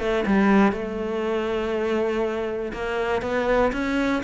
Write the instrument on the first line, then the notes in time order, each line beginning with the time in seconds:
cello
0.00 A3
0.26 G3
0.72 A3
2.73 A#3
3.22 B3
3.73 C#4